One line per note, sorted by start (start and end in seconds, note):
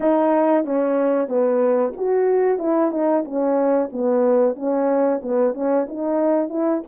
0.00 0.64 D#4
0.64 1.28 C#4
1.28 1.93 B3
1.96 2.58 F#4
2.58 2.91 E4
2.91 3.23 D#4
3.24 3.90 C#4
3.92 4.55 B3
4.55 5.21 C#4
5.22 5.54 B3
5.54 5.86 C#4
5.88 6.49 D#4
6.49 6.82 E4